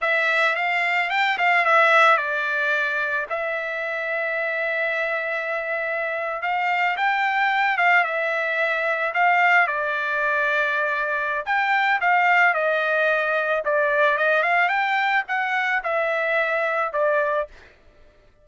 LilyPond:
\new Staff \with { instrumentName = "trumpet" } { \time 4/4 \tempo 4 = 110 e''4 f''4 g''8 f''8 e''4 | d''2 e''2~ | e''2.~ e''8. f''16~ | f''8. g''4. f''8 e''4~ e''16~ |
e''8. f''4 d''2~ d''16~ | d''4 g''4 f''4 dis''4~ | dis''4 d''4 dis''8 f''8 g''4 | fis''4 e''2 d''4 | }